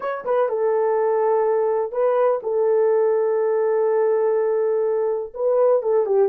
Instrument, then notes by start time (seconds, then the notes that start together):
horn
0.00 C#5
0.24 B4
0.48 A4
1.92 B4
2.42 A4
5.34 B4
5.82 A4
6.05 G4